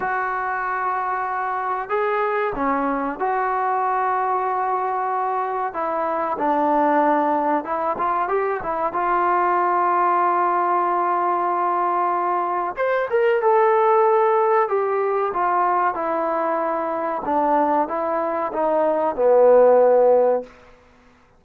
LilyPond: \new Staff \with { instrumentName = "trombone" } { \time 4/4 \tempo 4 = 94 fis'2. gis'4 | cis'4 fis'2.~ | fis'4 e'4 d'2 | e'8 f'8 g'8 e'8 f'2~ |
f'1 | c''8 ais'8 a'2 g'4 | f'4 e'2 d'4 | e'4 dis'4 b2 | }